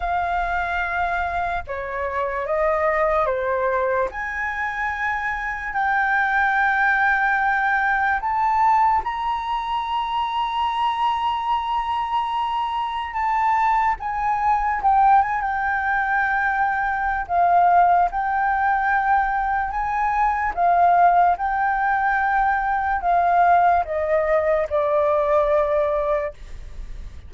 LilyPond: \new Staff \with { instrumentName = "flute" } { \time 4/4 \tempo 4 = 73 f''2 cis''4 dis''4 | c''4 gis''2 g''4~ | g''2 a''4 ais''4~ | ais''1 |
a''4 gis''4 g''8 gis''16 g''4~ g''16~ | g''4 f''4 g''2 | gis''4 f''4 g''2 | f''4 dis''4 d''2 | }